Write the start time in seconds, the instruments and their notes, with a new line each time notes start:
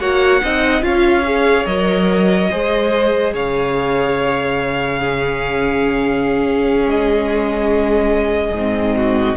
0.00 cello A#3, viola F#4, violin C#5 F#5
0.43 cello C4, viola D#4, violin D#5
0.82 cello C#4, viola F4, violin C#5 F5
1.25 viola G#4
1.66 cello F#3, viola A#4, violin D#5
2.51 cello G#3, viola G#4, violin C5
3.34 cello C#3, violin C#5 F5
4.99 viola C#4, violin G#4
6.86 cello G#3, violin D#5
8.52 cello G#2, viola C4
8.97 violin F#4